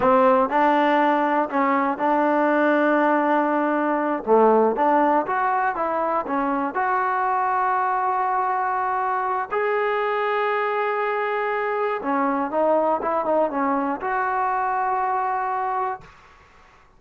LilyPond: \new Staff \with { instrumentName = "trombone" } { \time 4/4 \tempo 4 = 120 c'4 d'2 cis'4 | d'1~ | d'8 a4 d'4 fis'4 e'8~ | e'8 cis'4 fis'2~ fis'8~ |
fis'2. gis'4~ | gis'1 | cis'4 dis'4 e'8 dis'8 cis'4 | fis'1 | }